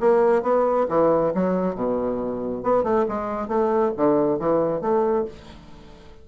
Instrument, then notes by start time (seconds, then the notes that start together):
bassoon
0.00 A#3
0.43 B3
0.89 E3
1.34 F#3
1.75 B2
2.63 B3
2.83 A3
3.08 G#3
3.48 A3
3.97 D3
4.39 E3
4.81 A3